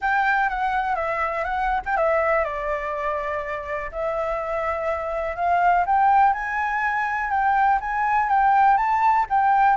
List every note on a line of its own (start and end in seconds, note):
0.01 0.49 G5
0.49 0.95 F#5
0.95 1.44 E5
1.44 1.80 F#5
1.85 1.96 G5
1.96 2.44 E5
2.44 3.90 D5
3.91 5.36 E5
5.36 5.84 F5
5.85 6.33 G5
6.33 7.30 G#5
7.30 7.79 G5
7.80 8.29 G#5
8.29 8.77 G5
8.77 9.25 A5
9.29 9.76 G5